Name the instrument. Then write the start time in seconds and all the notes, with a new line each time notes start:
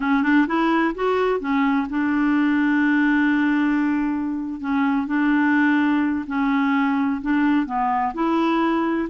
clarinet
0.00 C#4
0.22 D4
0.47 E4
0.94 F#4
1.39 C#4
1.89 D4
4.60 C#4
5.07 D4
6.26 C#4
7.21 D4
7.66 B3
8.14 E4